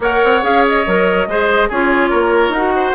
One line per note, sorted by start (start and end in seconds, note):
0.00 0.21 A#3
0.00 0.42 A#4
0.00 1.28 C#5
0.00 0.44 F#5
0.24 0.43 C4
0.42 0.85 C#4
0.42 0.84 G#4
0.42 0.65 F5
0.67 1.71 D#5
0.86 1.27 F#3
0.86 1.28 A#4
1.27 1.69 G#3
1.27 1.71 G#4
1.27 1.68 C5
1.68 2.12 C#4
1.68 2.54 F4
1.68 2.09 G#4
1.68 2.53 C#5
2.09 2.49 A#3
2.09 2.73 A#4
2.49 2.91 D#4
2.49 2.95 F#4
2.49 2.95 F#5
2.75 2.95 C5